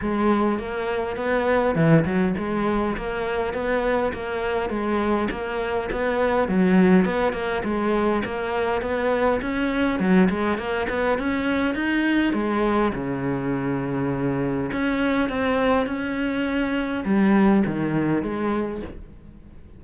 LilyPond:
\new Staff \with { instrumentName = "cello" } { \time 4/4 \tempo 4 = 102 gis4 ais4 b4 e8 fis8 | gis4 ais4 b4 ais4 | gis4 ais4 b4 fis4 | b8 ais8 gis4 ais4 b4 |
cis'4 fis8 gis8 ais8 b8 cis'4 | dis'4 gis4 cis2~ | cis4 cis'4 c'4 cis'4~ | cis'4 g4 dis4 gis4 | }